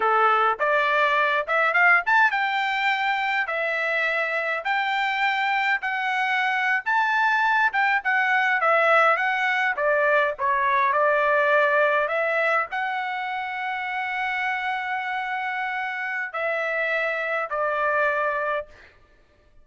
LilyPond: \new Staff \with { instrumentName = "trumpet" } { \time 4/4 \tempo 4 = 103 a'4 d''4. e''8 f''8 a''8 | g''2 e''2 | g''2 fis''4.~ fis''16 a''16~ | a''4~ a''16 g''8 fis''4 e''4 fis''16~ |
fis''8. d''4 cis''4 d''4~ d''16~ | d''8. e''4 fis''2~ fis''16~ | fis''1 | e''2 d''2 | }